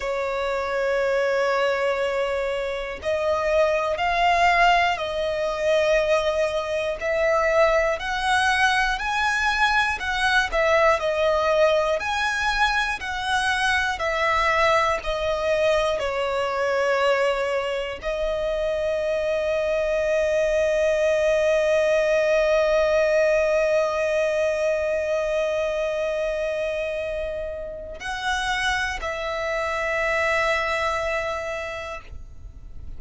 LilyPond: \new Staff \with { instrumentName = "violin" } { \time 4/4 \tempo 4 = 60 cis''2. dis''4 | f''4 dis''2 e''4 | fis''4 gis''4 fis''8 e''8 dis''4 | gis''4 fis''4 e''4 dis''4 |
cis''2 dis''2~ | dis''1~ | dis''1 | fis''4 e''2. | }